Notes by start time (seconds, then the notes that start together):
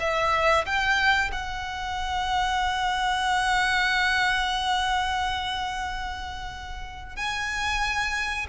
0.00 E5
0.66 G5
1.32 F#5
7.16 G#5